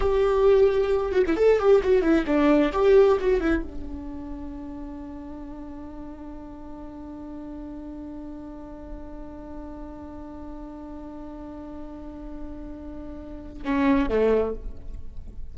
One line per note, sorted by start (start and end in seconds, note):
0.00 1.12 G4
1.12 1.23 F#4
1.26 1.36 E4
1.36 1.59 A4
1.59 1.81 G4
1.83 2.02 F#4
2.02 2.25 E4
2.26 2.71 D4
2.72 3.18 G4
3.20 3.40 F#4
3.40 3.62 E4
3.62 13.62 D4
13.64 14.09 C#4
14.09 14.54 A3